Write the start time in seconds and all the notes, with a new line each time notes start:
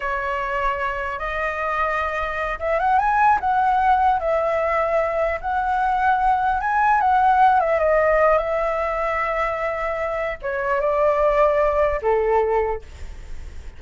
0.00 C#5
1.18 D#5
2.59 E5
2.79 F#5
2.99 G#5
3.40 F#5
4.19 E5
5.41 F#5
6.61 G#5
7.00 F#5
7.59 E5
7.79 D#5
8.38 E5
10.41 C#5
10.80 D5
12.02 A4